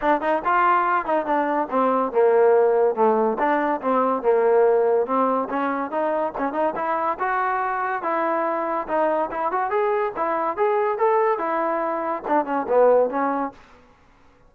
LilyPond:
\new Staff \with { instrumentName = "trombone" } { \time 4/4 \tempo 4 = 142 d'8 dis'8 f'4. dis'8 d'4 | c'4 ais2 a4 | d'4 c'4 ais2 | c'4 cis'4 dis'4 cis'8 dis'8 |
e'4 fis'2 e'4~ | e'4 dis'4 e'8 fis'8 gis'4 | e'4 gis'4 a'4 e'4~ | e'4 d'8 cis'8 b4 cis'4 | }